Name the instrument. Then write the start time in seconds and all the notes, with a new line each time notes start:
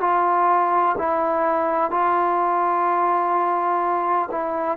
trombone
0.00 F4
0.98 E4
1.91 F4
4.31 E4